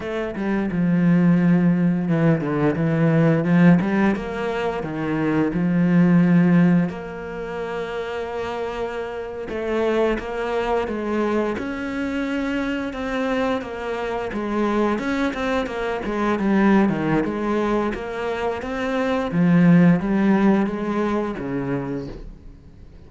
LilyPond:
\new Staff \with { instrumentName = "cello" } { \time 4/4 \tempo 4 = 87 a8 g8 f2 e8 d8 | e4 f8 g8 ais4 dis4 | f2 ais2~ | ais4.~ ais16 a4 ais4 gis16~ |
gis8. cis'2 c'4 ais16~ | ais8. gis4 cis'8 c'8 ais8 gis8 g16~ | g8 dis8 gis4 ais4 c'4 | f4 g4 gis4 cis4 | }